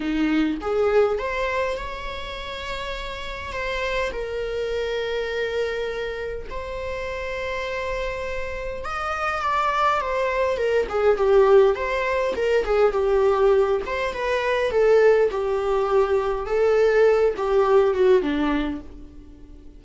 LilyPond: \new Staff \with { instrumentName = "viola" } { \time 4/4 \tempo 4 = 102 dis'4 gis'4 c''4 cis''4~ | cis''2 c''4 ais'4~ | ais'2. c''4~ | c''2. dis''4 |
d''4 c''4 ais'8 gis'8 g'4 | c''4 ais'8 gis'8 g'4. c''8 | b'4 a'4 g'2 | a'4. g'4 fis'8 d'4 | }